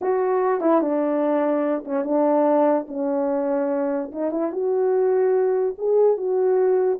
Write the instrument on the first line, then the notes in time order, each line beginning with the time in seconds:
horn
0.01 F#4
0.61 E4
0.81 D4
1.84 C#4
2.04 D4
2.88 C#4
4.12 D#4
4.31 E4
4.51 F#4
5.78 G#4
6.17 F#4